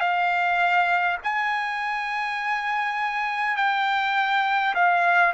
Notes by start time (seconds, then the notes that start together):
0.00 F5
1.23 G#5
3.56 G5
4.74 F5